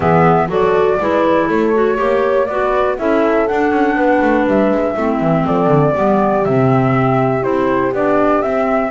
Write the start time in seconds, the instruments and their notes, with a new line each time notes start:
0.00 double bass E3, clarinet B3, horn G#4, flute E5
0.48 double bass F#3, clarinet F#4, horn A4, flute D5
1.00 double bass G#3, clarinet E4, horn B4
1.46 double bass A3, horn A4, flute C#5
1.73 clarinet F#4
1.97 double bass A#3, clarinet G4, horn C#5
2.45 double bass B3, clarinet F#4, horn B4, flute D5
2.97 double bass C#4, clarinet E4, horn A4, flute E5
3.47 clarinet D4, double bass D4, flute F#5
3.71 double bass C#4
3.95 double bass B3, horn B4
4.21 double bass A3
4.46 double bass G3, flute E5
4.70 double bass G#3
4.93 double bass A3, clarinet C4, horn E4
5.20 double bass E3
5.46 double bass F3, horn A4, flute D5
5.66 double bass D3
5.93 double bass G3, clarinet B3, horn G4
6.44 double bass C3, clarinet C4, flute E5
7.42 double bass C4, clarinet E4, flute C5
7.92 double bass B3, clarinet D4, flute D5
8.42 clarinet C4, double bass C4, flute E5